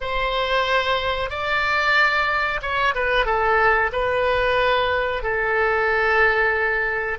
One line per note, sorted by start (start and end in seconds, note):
0.00 1.30 C5
1.30 2.60 D5
2.61 2.94 C#5
2.94 3.25 B4
3.25 3.90 A4
3.92 5.22 B4
5.22 7.18 A4